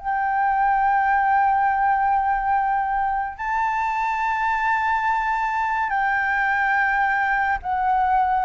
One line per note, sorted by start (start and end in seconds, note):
0.00 3.38 G5
3.38 5.90 A5
5.90 7.59 G5
7.63 8.45 F#5